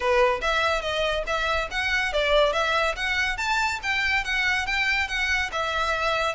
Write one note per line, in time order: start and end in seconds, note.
0.00 0.41 B4
0.41 0.81 E5
0.81 1.23 D#5
1.26 1.69 E5
1.70 2.12 F#5
2.13 2.52 D5
2.52 2.95 E5
2.96 3.37 F#5
3.37 3.79 A5
3.82 4.24 G5
4.24 4.66 F#5
4.66 5.08 G5
5.08 5.50 F#5
5.51 6.35 E5